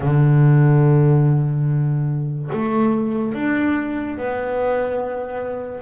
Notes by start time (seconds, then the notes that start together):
0.00 D3
2.52 A3
3.34 D4
4.17 B3